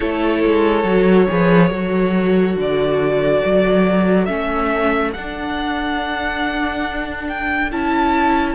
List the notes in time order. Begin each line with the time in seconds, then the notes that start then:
0.00 A3 E4 A4 C#5
0.44 G#3
0.84 F#3 F#4
1.28 F3 G#4 B4
1.70 F#3 F#4 A4
2.56 D3 D5
3.45 F#3
4.25 A3 C#4 E5
5.13 D4 F#5
7.28 G5
7.71 C#4 E4 A5